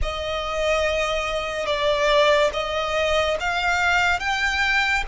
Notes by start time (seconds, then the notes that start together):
0.02 D#5
1.66 D5
2.53 D#5
3.40 F5
4.19 G5